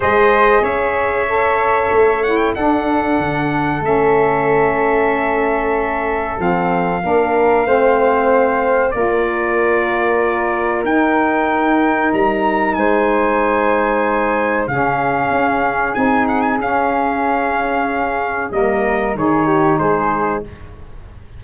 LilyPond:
<<
  \new Staff \with { instrumentName = "trumpet" } { \time 4/4 \tempo 4 = 94 dis''4 e''2~ e''8 fis''16 g''16 | fis''2 e''2~ | e''2 f''2~ | f''2 d''2~ |
d''4 g''2 ais''4 | gis''2. f''4~ | f''4 gis''8 fis''16 gis''16 f''2~ | f''4 dis''4 cis''4 c''4 | }
  \new Staff \with { instrumentName = "flute" } { \time 4/4 c''4 cis''2. | a'1~ | a'2. ais'4 | c''2 ais'2~ |
ais'1 | c''2. gis'4~ | gis'1~ | gis'4 ais'4 gis'8 g'8 gis'4 | }
  \new Staff \with { instrumentName = "saxophone" } { \time 4/4 gis'2 a'4. e'8 | d'2 cis'2~ | cis'2 c'4 d'4 | c'2 f'2~ |
f'4 dis'2.~ | dis'2. cis'4~ | cis'4 dis'4 cis'2~ | cis'4 ais4 dis'2 | }
  \new Staff \with { instrumentName = "tuba" } { \time 4/4 gis4 cis'2 a4 | d'4 d4 a2~ | a2 f4 ais4 | a2 ais2~ |
ais4 dis'2 g4 | gis2. cis4 | cis'4 c'4 cis'2~ | cis'4 g4 dis4 gis4 | }
>>